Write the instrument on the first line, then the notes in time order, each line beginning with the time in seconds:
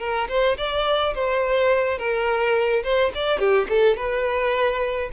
violin
0.00 A#4
0.29 C5
0.58 D5
1.15 C5
1.98 A#4
2.84 C5
3.15 D5
3.39 G4
3.69 A4
3.97 B4